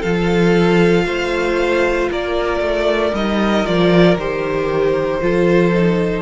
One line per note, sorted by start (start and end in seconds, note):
0.00 1.05 F3
0.00 3.14 F4
0.00 1.03 A4
0.00 2.09 F5
1.05 2.09 A3
1.05 2.10 C5
2.10 2.60 A#3
2.10 5.20 A#4
2.10 3.14 D5
2.60 3.12 A3
3.13 3.65 G3
3.13 3.65 D#4
3.13 3.66 D#5
3.65 4.16 F3
3.65 4.17 F4
3.65 4.17 D5
4.16 5.20 D#3
4.16 5.21 G4
4.16 6.22 C5
5.21 6.22 F3
5.21 5.72 F4
5.21 6.22 A4
5.73 6.22 D#4